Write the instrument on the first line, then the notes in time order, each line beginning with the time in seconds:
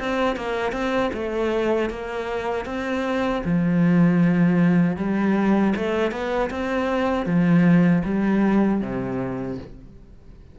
cello
0.00 C4
0.37 A#3
0.73 C4
1.14 A3
1.90 A#3
2.66 C4
3.45 F3
4.97 G3
5.77 A3
6.12 B3
6.51 C4
7.26 F3
8.05 G3
8.81 C3